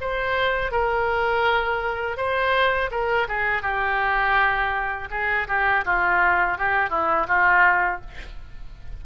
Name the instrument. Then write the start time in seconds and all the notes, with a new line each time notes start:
oboe
0.00 C5
0.71 A#4
2.17 C5
2.90 A#4
3.28 G#4
3.62 G4
5.11 G#4
5.48 G4
5.85 F4
6.58 G4
6.89 E4
7.27 F4